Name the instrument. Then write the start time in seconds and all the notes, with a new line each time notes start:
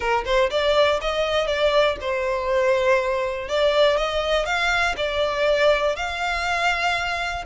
violin
0.00 A#4
0.25 C5
0.50 D5
1.01 D#5
1.46 D5
2.00 C5
3.48 D5
3.96 D#5
4.45 F5
4.96 D5
5.95 F5